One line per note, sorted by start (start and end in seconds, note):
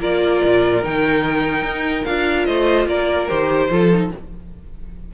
0.00 0.42 A#3
0.00 0.83 F4
0.00 2.47 A#4
0.00 0.85 D5
0.44 0.84 A#2
0.83 1.62 D#3
0.83 2.07 D#4
0.83 2.05 G5
1.62 2.03 D#4
2.05 2.48 D4
2.05 3.29 F4
2.05 2.46 F5
2.46 2.86 A3
2.46 2.88 C5
2.46 2.87 D#5
2.86 3.27 A#3
2.86 3.71 A#4
2.86 3.28 D5
3.28 3.70 D#3
3.28 3.70 G4
3.28 4.11 C5
3.70 4.11 F3
3.70 3.92 F4
3.70 4.12 A4
3.94 4.14 D#4